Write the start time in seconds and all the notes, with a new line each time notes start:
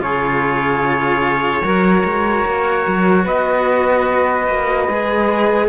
0.00 C#3 F4 G#4 C#5
1.63 F#3 F#4 A#4
2.05 G#3
2.46 A#3
2.87 F#3
3.24 B3 B4 D#5
4.48 A#3
4.88 G#3 G#4